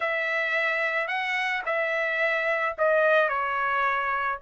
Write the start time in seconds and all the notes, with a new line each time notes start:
0.00 E5
1.07 F#5
1.65 E5
2.77 D#5
3.28 C#5